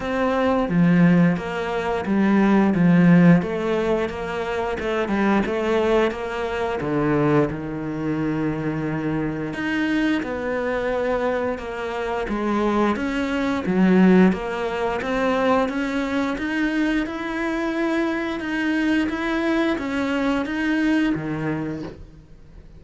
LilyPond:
\new Staff \with { instrumentName = "cello" } { \time 4/4 \tempo 4 = 88 c'4 f4 ais4 g4 | f4 a4 ais4 a8 g8 | a4 ais4 d4 dis4~ | dis2 dis'4 b4~ |
b4 ais4 gis4 cis'4 | fis4 ais4 c'4 cis'4 | dis'4 e'2 dis'4 | e'4 cis'4 dis'4 dis4 | }